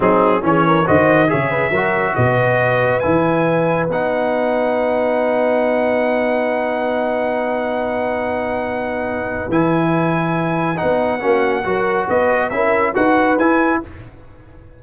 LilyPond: <<
  \new Staff \with { instrumentName = "trumpet" } { \time 4/4 \tempo 4 = 139 gis'4 cis''4 dis''4 e''4~ | e''4 dis''2 gis''4~ | gis''4 fis''2.~ | fis''1~ |
fis''1~ | fis''2 gis''2~ | gis''4 fis''2. | dis''4 e''4 fis''4 gis''4 | }
  \new Staff \with { instrumentName = "horn" } { \time 4/4 dis'4 gis'8 ais'8 c''4 cis''8 b'8 | ais'4 b'2.~ | b'1~ | b'1~ |
b'1~ | b'1~ | b'2 fis'4 ais'4 | b'4 ais'4 b'2 | }
  \new Staff \with { instrumentName = "trombone" } { \time 4/4 c'4 cis'4 fis'4 gis'4 | fis'2. e'4~ | e'4 dis'2.~ | dis'1~ |
dis'1~ | dis'2 e'2~ | e'4 dis'4 cis'4 fis'4~ | fis'4 e'4 fis'4 e'4 | }
  \new Staff \with { instrumentName = "tuba" } { \time 4/4 fis4 e4 dis4 cis4 | fis4 b,2 e4~ | e4 b2.~ | b1~ |
b1~ | b2 e2~ | e4 b4 ais4 fis4 | b4 cis'4 dis'4 e'4 | }
>>